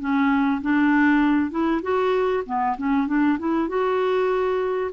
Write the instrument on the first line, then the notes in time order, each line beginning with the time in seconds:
clarinet
0.00 C#4
0.62 D4
1.51 E4
1.83 F#4
2.46 B3
2.77 C#4
3.07 D4
3.39 E4
3.68 F#4